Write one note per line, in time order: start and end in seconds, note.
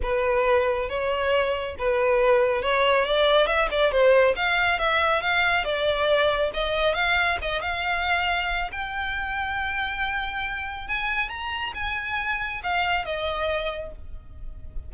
0.02 0.89 B4
0.89 1.76 C#5
1.78 2.62 B4
2.62 3.05 C#5
3.05 3.46 D5
3.46 3.68 E5
3.71 3.91 D5
3.91 4.35 C5
4.36 4.78 F5
4.78 5.21 E5
5.21 5.64 F5
5.64 6.51 D5
6.53 6.94 D#5
6.94 7.38 F5
7.41 7.61 D#5
7.61 8.70 F5
8.72 10.88 G5
10.88 11.29 G#5
11.29 11.72 A#5
11.74 12.61 G#5
12.63 13.05 F5
13.05 13.92 D#5